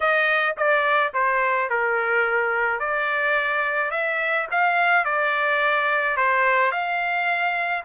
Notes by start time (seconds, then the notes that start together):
0.00 D#5
0.57 D5
1.13 C5
1.69 A#4
2.79 D5
3.90 E5
4.51 F5
5.04 D5
6.17 C5
6.71 F5